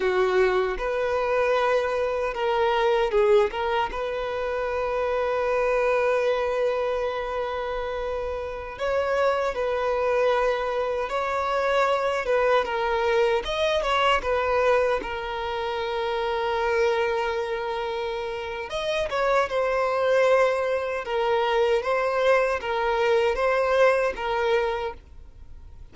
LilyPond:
\new Staff \with { instrumentName = "violin" } { \time 4/4 \tempo 4 = 77 fis'4 b'2 ais'4 | gis'8 ais'8 b'2.~ | b'2.~ b'16 cis''8.~ | cis''16 b'2 cis''4. b'16~ |
b'16 ais'4 dis''8 cis''8 b'4 ais'8.~ | ais'1 | dis''8 cis''8 c''2 ais'4 | c''4 ais'4 c''4 ais'4 | }